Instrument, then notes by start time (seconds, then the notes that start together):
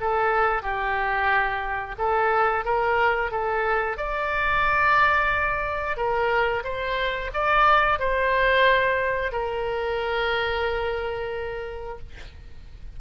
oboe
0.00 A4
0.62 G4
1.98 A4
2.65 A#4
3.31 A4
3.97 D5
5.96 A#4
6.64 C5
7.33 D5
7.99 C5
9.32 A#4